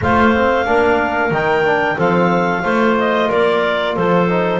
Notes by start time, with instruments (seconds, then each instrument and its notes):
0.01 double bass A3, trombone F4, clarinet C5 F5
0.35 trombone C4
0.65 double bass A#3, trombone D4, clarinet A#4
1.30 double bass D#3, trombone D#4, clarinet G5
1.64 trombone D4
1.96 double bass F3, trombone C4, clarinet A4 F5
2.62 double bass A3, trombone F4, clarinet C5
2.98 clarinet D#5
3.28 double bass A#3, clarinet A#4 D5
3.94 double bass F3, clarinet A4 C5
4.28 trombone D#4